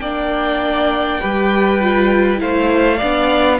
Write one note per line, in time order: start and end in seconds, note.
0.00 1.21 A#3
0.00 1.22 D4
0.00 1.21 D5
0.00 2.40 G5
1.21 2.41 G3
1.21 1.81 G4
1.21 2.41 B4
1.81 2.37 F4
2.37 3.01 A3
2.37 2.97 E4
2.37 2.98 C5
2.37 3.60 F5
2.98 3.60 B3
2.98 3.60 D4
2.98 3.58 D5